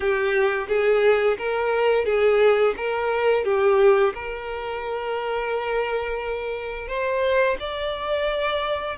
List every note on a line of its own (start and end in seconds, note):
0.00 0.67 G4
0.68 1.37 G#4
1.38 2.05 A#4
2.05 2.74 G#4
2.76 3.44 A#4
3.44 4.13 G4
4.14 6.87 A#4
6.87 7.56 C5
7.59 8.97 D5